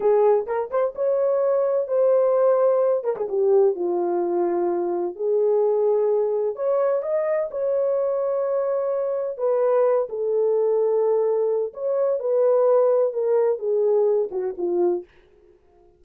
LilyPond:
\new Staff \with { instrumentName = "horn" } { \time 4/4 \tempo 4 = 128 gis'4 ais'8 c''8 cis''2 | c''2~ c''8 ais'16 gis'16 g'4 | f'2. gis'4~ | gis'2 cis''4 dis''4 |
cis''1 | b'4. a'2~ a'8~ | a'4 cis''4 b'2 | ais'4 gis'4. fis'8 f'4 | }